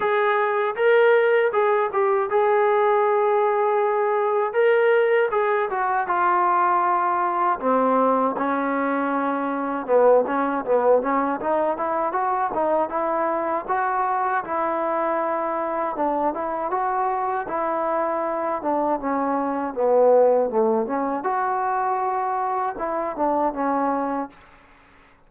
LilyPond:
\new Staff \with { instrumentName = "trombone" } { \time 4/4 \tempo 4 = 79 gis'4 ais'4 gis'8 g'8 gis'4~ | gis'2 ais'4 gis'8 fis'8 | f'2 c'4 cis'4~ | cis'4 b8 cis'8 b8 cis'8 dis'8 e'8 |
fis'8 dis'8 e'4 fis'4 e'4~ | e'4 d'8 e'8 fis'4 e'4~ | e'8 d'8 cis'4 b4 a8 cis'8 | fis'2 e'8 d'8 cis'4 | }